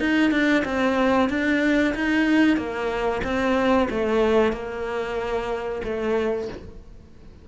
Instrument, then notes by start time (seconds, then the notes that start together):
cello
0.00 D#4
0.31 D4
0.65 C4
1.30 D4
1.95 D#4
2.57 A#3
3.24 C4
3.90 A3
4.52 A#3
5.84 A3